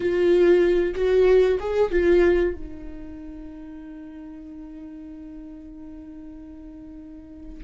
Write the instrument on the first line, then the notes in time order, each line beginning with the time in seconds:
viola
0.00 F4
0.94 F#4
1.59 G#4
1.90 F4
2.54 D#4